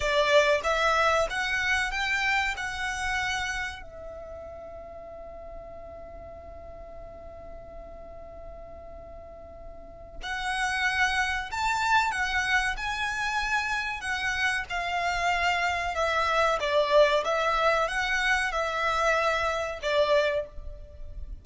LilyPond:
\new Staff \with { instrumentName = "violin" } { \time 4/4 \tempo 4 = 94 d''4 e''4 fis''4 g''4 | fis''2 e''2~ | e''1~ | e''1 |
fis''2 a''4 fis''4 | gis''2 fis''4 f''4~ | f''4 e''4 d''4 e''4 | fis''4 e''2 d''4 | }